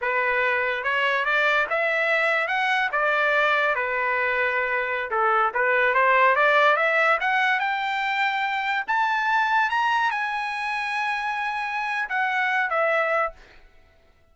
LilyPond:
\new Staff \with { instrumentName = "trumpet" } { \time 4/4 \tempo 4 = 144 b'2 cis''4 d''4 | e''2 fis''4 d''4~ | d''4 b'2.~ | b'16 a'4 b'4 c''4 d''8.~ |
d''16 e''4 fis''4 g''4.~ g''16~ | g''4~ g''16 a''2 ais''8.~ | ais''16 gis''2.~ gis''8.~ | gis''4 fis''4. e''4. | }